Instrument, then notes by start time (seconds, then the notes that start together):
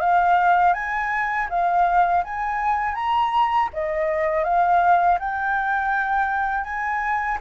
flute
0.00 F5
0.73 G#5
1.50 F5
2.24 G#5
2.95 A#5
3.73 D#5
4.44 F5
5.19 G5
6.64 G#5